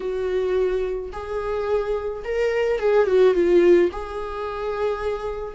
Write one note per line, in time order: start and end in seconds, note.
0.00 1.10 F#4
1.12 2.23 G#4
2.24 2.79 A#4
2.79 3.06 G#4
3.06 3.34 F#4
3.34 3.90 F4
3.92 5.54 G#4